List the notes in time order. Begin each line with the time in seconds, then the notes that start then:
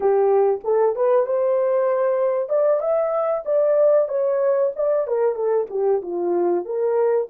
0.00 G4
0.64 A4
0.95 B4
1.25 C5
2.49 D5
2.80 E5
3.45 D5
4.08 C#5
4.75 D5
5.07 A#4
5.35 A4
5.70 G4
6.02 F4
6.65 A#4